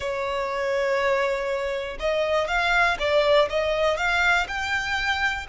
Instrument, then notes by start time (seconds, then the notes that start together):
violin
0.00 C#5
1.99 D#5
2.47 F5
2.99 D5
3.49 D#5
3.97 F5
4.47 G5